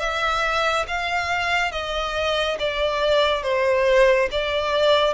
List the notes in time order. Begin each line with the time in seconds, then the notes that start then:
0.00 E5
0.88 F5
1.72 D#5
2.60 D5
3.43 C5
4.32 D5